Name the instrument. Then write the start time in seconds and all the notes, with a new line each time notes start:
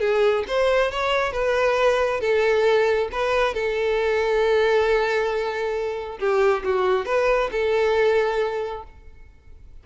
violin
0.00 G#4
0.48 C5
0.91 C#5
1.32 B4
2.20 A4
3.12 B4
3.54 A4
6.19 G4
6.64 F#4
7.05 B4
7.51 A4